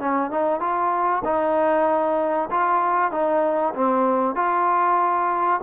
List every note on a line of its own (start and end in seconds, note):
0.00 0.31 C#4
0.31 0.60 D#4
0.60 1.23 F4
1.25 2.50 D#4
2.51 3.12 F4
3.12 3.74 D#4
3.75 4.36 C4
4.36 5.61 F4